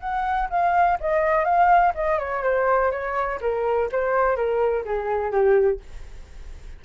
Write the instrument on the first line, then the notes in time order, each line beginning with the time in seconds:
flute
0.00 F#5
0.50 F5
1.00 D#5
1.45 F5
1.95 D#5
2.19 C#5
2.43 C5
2.91 C#5
3.41 A#4
3.92 C5
4.36 A#4
4.85 G#4
5.31 G4